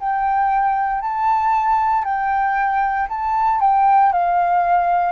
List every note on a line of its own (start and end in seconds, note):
0.00 1.02 G5
1.02 2.05 A5
2.05 3.08 G5
3.09 3.61 A5
3.61 4.12 G5
4.12 5.13 F5